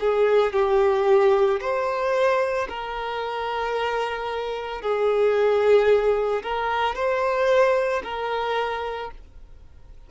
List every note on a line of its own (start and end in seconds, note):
0.00 0.53 G#4
0.53 1.60 G4
1.60 2.67 C5
2.68 4.81 A#4
4.81 6.42 G#4
6.42 6.95 A#4
6.95 8.02 C5
8.04 9.11 A#4